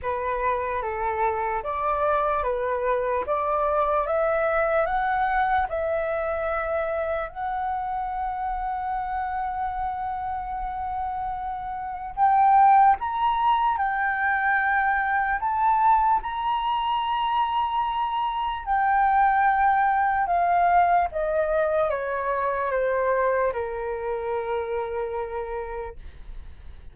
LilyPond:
\new Staff \with { instrumentName = "flute" } { \time 4/4 \tempo 4 = 74 b'4 a'4 d''4 b'4 | d''4 e''4 fis''4 e''4~ | e''4 fis''2.~ | fis''2. g''4 |
ais''4 g''2 a''4 | ais''2. g''4~ | g''4 f''4 dis''4 cis''4 | c''4 ais'2. | }